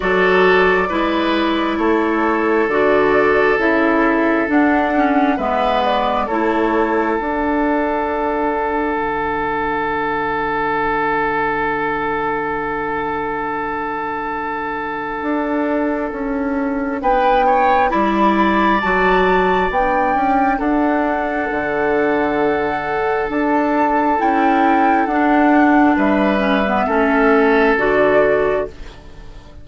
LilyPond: <<
  \new Staff \with { instrumentName = "flute" } { \time 4/4 \tempo 4 = 67 d''2 cis''4 d''4 | e''4 fis''4 e''8 d''8 cis''4 | fis''1~ | fis''1~ |
fis''2. g''4 | b''4 a''4 g''4 fis''4~ | fis''2 a''4 g''4 | fis''4 e''2 d''4 | }
  \new Staff \with { instrumentName = "oboe" } { \time 4/4 a'4 b'4 a'2~ | a'2 b'4 a'4~ | a'1~ | a'1~ |
a'2. b'8 cis''8 | d''2. a'4~ | a'1~ | a'4 b'4 a'2 | }
  \new Staff \with { instrumentName = "clarinet" } { \time 4/4 fis'4 e'2 fis'4 | e'4 d'8 cis'8 b4 e'4 | d'1~ | d'1~ |
d'1 | e'4 fis'4 d'2~ | d'2. e'4 | d'4. cis'16 b16 cis'4 fis'4 | }
  \new Staff \with { instrumentName = "bassoon" } { \time 4/4 fis4 gis4 a4 d4 | cis4 d'4 gis4 a4 | d'2 d2~ | d1~ |
d4 d'4 cis'4 b4 | g4 fis4 b8 cis'8 d'4 | d2 d'4 cis'4 | d'4 g4 a4 d4 | }
>>